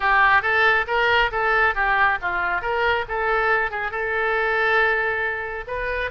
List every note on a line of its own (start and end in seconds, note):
0.00 0.42 G4
0.42 0.85 A4
0.87 1.30 A#4
1.31 1.75 A4
1.75 2.18 G4
2.21 2.61 F4
2.61 3.05 A#4
3.08 3.70 A4
3.70 3.91 G#4
3.91 5.65 A4
5.67 6.10 B4